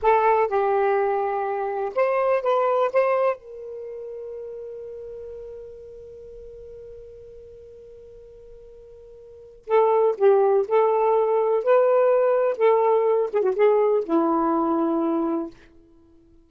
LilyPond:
\new Staff \with { instrumentName = "saxophone" } { \time 4/4 \tempo 4 = 124 a'4 g'2. | c''4 b'4 c''4 ais'4~ | ais'1~ | ais'1~ |
ais'1 | a'4 g'4 a'2 | b'2 a'4. gis'16 fis'16 | gis'4 e'2. | }